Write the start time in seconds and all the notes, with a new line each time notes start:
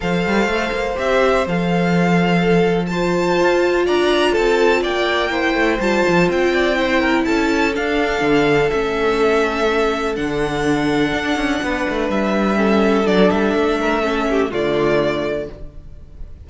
0.00 F3 A4 C5 F5
0.26 G3
0.45 A3
0.71 A#3
0.95 C4 G4 E5
1.46 F3 A4 F5
2.38 A4
2.86 F4 C5 A5
3.39 F4
3.86 D4 D5 A#5
4.32 C4 A4 A5
4.82 A#3 D5 G5
5.30 E4 C5
5.54 A3
5.79 G3 F4 A5
6.08 F3
6.28 C4 G5
6.53 D5
6.75 E4 C5
6.99 A#4
7.25 C#4 A4 A5
7.73 D4 F5
8.21 D3
8.70 A3 C#4 E5
10.15 D3 D4 F#5
11.12 D4
11.36 C#4
11.62 B3 B4
11.89 A3
12.09 G3 E5
12.55 C#4 A4
13.04 F#3 D4 D5
13.30 G3 E5
13.55 A3
13.80 A#4
14.01 C#4 A4
14.30 G4
14.51 D3 A3 F4 D5